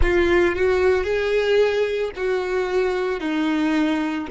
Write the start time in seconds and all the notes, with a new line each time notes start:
0.02 F4
0.55 F#4
1.03 G#4
2.15 F#4
3.20 D#4